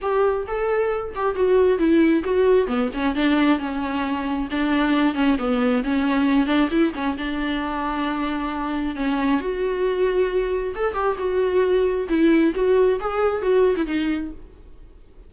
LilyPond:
\new Staff \with { instrumentName = "viola" } { \time 4/4 \tempo 4 = 134 g'4 a'4. g'8 fis'4 | e'4 fis'4 b8 cis'8 d'4 | cis'2 d'4. cis'8 | b4 cis'4. d'8 e'8 cis'8 |
d'1 | cis'4 fis'2. | a'8 g'8 fis'2 e'4 | fis'4 gis'4 fis'8. e'16 dis'4 | }